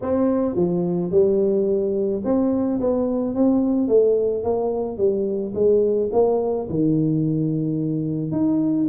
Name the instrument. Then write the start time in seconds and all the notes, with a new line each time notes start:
tuba
0.01 C4
0.55 F3
1.11 G3
2.24 C4
2.80 B3
3.34 C4
3.88 A3
4.43 A#3
4.97 G3
5.54 G#3
6.12 A#3
6.69 D#3
8.31 D#4